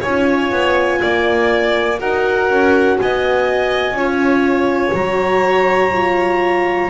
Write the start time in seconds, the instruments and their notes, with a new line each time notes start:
0.00 double bass C#4, horn F4, violin C#5, clarinet G#5
0.51 double bass B3
1.01 double bass A#3, violin D5
1.99 double bass D#4, horn F#4, violin A#4, clarinet F#5
2.49 double bass C#4
2.99 double bass B3, violin D#5, clarinet G#5
3.92 double bass C#4, horn F4, violin C#5
4.93 double bass F#3, horn F#4, clarinet A#5
5.92 horn F4